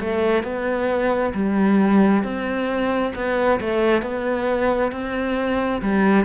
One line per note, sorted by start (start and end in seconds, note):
0.00 0.43 A3
0.43 1.33 B3
1.34 2.23 G3
2.23 3.13 C4
3.15 3.59 B3
3.60 4.02 A3
4.02 4.91 B3
4.92 5.81 C4
5.82 6.25 G3